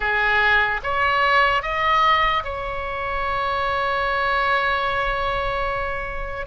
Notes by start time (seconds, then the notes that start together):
0.00 G#4
0.83 C#5
1.62 D#5
2.43 C#5